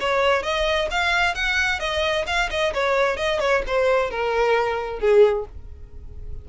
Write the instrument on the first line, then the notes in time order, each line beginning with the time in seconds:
violin
0.00 C#5
0.43 D#5
0.91 F5
1.35 F#5
1.80 D#5
2.27 F5
2.50 D#5
2.74 C#5
3.17 D#5
3.40 C#5
3.67 C5
4.11 A#4
5.00 G#4